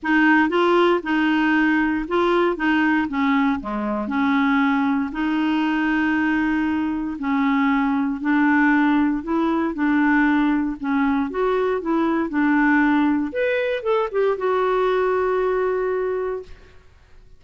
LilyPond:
\new Staff \with { instrumentName = "clarinet" } { \time 4/4 \tempo 4 = 117 dis'4 f'4 dis'2 | f'4 dis'4 cis'4 gis4 | cis'2 dis'2~ | dis'2 cis'2 |
d'2 e'4 d'4~ | d'4 cis'4 fis'4 e'4 | d'2 b'4 a'8 g'8 | fis'1 | }